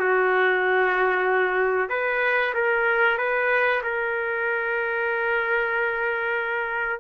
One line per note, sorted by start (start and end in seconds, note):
0.00 1.90 F#4
1.90 2.54 B4
2.55 3.18 A#4
3.18 3.82 B4
3.84 7.01 A#4